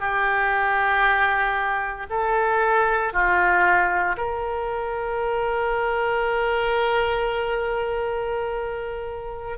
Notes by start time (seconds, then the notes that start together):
0.00 G4
2.10 A4
3.13 F4
4.17 A#4